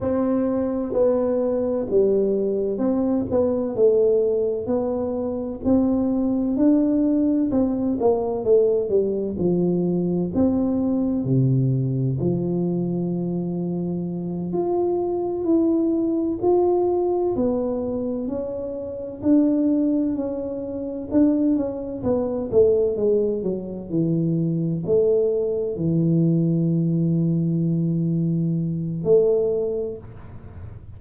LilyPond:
\new Staff \with { instrumentName = "tuba" } { \time 4/4 \tempo 4 = 64 c'4 b4 g4 c'8 b8 | a4 b4 c'4 d'4 | c'8 ais8 a8 g8 f4 c'4 | c4 f2~ f8 f'8~ |
f'8 e'4 f'4 b4 cis'8~ | cis'8 d'4 cis'4 d'8 cis'8 b8 | a8 gis8 fis8 e4 a4 e8~ | e2. a4 | }